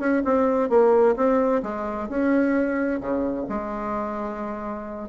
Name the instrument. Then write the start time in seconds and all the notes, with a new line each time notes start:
bassoon
0.00 C#4
0.25 C4
0.70 A#3
1.16 C4
1.63 G#3
2.09 C#4
3.00 C#3
3.49 G#3